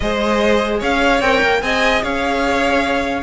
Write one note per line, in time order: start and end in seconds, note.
0.00 0.81 G#3
0.00 1.23 G#4
0.00 0.79 C5
0.00 0.80 D#5
0.79 1.21 C#4
0.79 1.60 C#5
0.79 1.21 F5
1.21 1.41 C4
1.21 1.61 A#4
1.21 1.61 G5
1.41 1.62 A#3
1.61 2.02 C4
1.61 3.22 G#4
1.61 2.02 D#5
1.61 2.02 G#5
2.02 3.22 C#4
2.02 3.22 C#5
2.02 3.22 F5